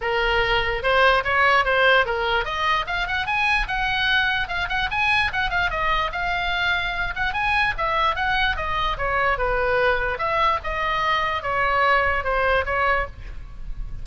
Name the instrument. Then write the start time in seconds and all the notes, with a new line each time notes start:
oboe
0.01 A#4
0.82 C5
1.24 C#5
1.64 C5
2.05 A#4
2.45 D#5
2.87 F5
3.07 F#5
3.26 G#5
3.67 F#5
4.48 F5
4.68 F#5
4.90 G#5
5.32 F#5
5.50 F5
5.70 D#5
6.12 F5
7.15 F#5
7.33 G#5
7.77 E5
8.15 F#5
8.56 D#5
8.97 C#5
9.37 B4
10.18 E5
10.63 D#5
11.42 C#5
12.24 C5
12.65 C#5